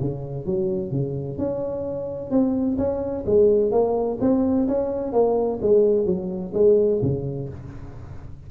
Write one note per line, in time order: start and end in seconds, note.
0.00 0.46 C#3
0.46 0.91 F#3
0.91 1.38 C#3
1.38 2.31 C#4
2.31 2.78 C4
2.78 3.25 C#4
3.26 3.71 G#3
3.71 4.18 A#3
4.21 4.67 C4
4.68 5.13 C#4
5.13 5.60 A#3
5.62 6.06 G#3
6.06 6.53 F#3
6.54 7.01 G#3
7.02 7.49 C#3